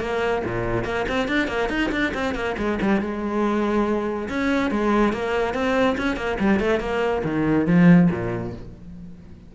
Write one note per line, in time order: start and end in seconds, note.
0.00 0.43 A#3
0.44 0.84 A#2
0.84 1.05 A#3
1.08 1.28 C4
1.28 1.48 D4
1.48 1.69 A#3
1.69 1.90 D#4
1.91 2.13 D4
2.14 2.35 C4
2.35 2.56 A#3
2.58 2.79 G#3
2.81 3.01 G3
3.01 4.28 G#3
4.29 4.71 C#4
4.71 5.13 G#3
5.13 5.54 A#3
5.54 5.96 C4
5.97 6.16 C#4
6.16 6.38 A#3
6.39 6.60 G3
6.60 6.80 A3
6.80 7.22 A#3
7.24 7.67 D#3
7.67 8.09 F3
8.11 8.53 A#2